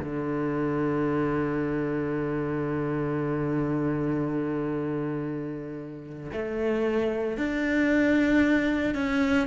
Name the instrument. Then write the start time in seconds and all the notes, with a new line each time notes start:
cello
0.00 D3
6.33 A3
7.38 D4
8.95 C#4